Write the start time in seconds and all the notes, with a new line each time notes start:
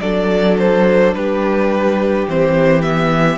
0.00 F#3 D4 A4 D5
0.58 C5
1.13 G3 G4 B4
2.27 E3 C4 C5
2.81 B3 E5